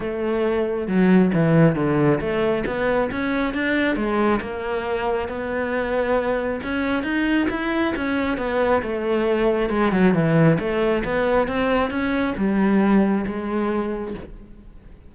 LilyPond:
\new Staff \with { instrumentName = "cello" } { \time 4/4 \tempo 4 = 136 a2 fis4 e4 | d4 a4 b4 cis'4 | d'4 gis4 ais2 | b2. cis'4 |
dis'4 e'4 cis'4 b4 | a2 gis8 fis8 e4 | a4 b4 c'4 cis'4 | g2 gis2 | }